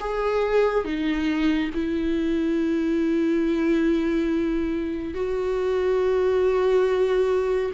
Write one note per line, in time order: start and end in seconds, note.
0.00 0.84 G#4
0.84 1.70 D#4
1.74 5.14 E4
5.14 7.71 F#4